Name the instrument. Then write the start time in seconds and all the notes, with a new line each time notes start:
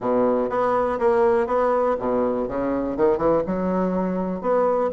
bassoon
0.00 B2
0.49 B3
0.99 A#3
1.46 B3
1.99 B2
2.48 C#3
2.96 D#3
3.17 E3
3.46 F#3
4.41 B3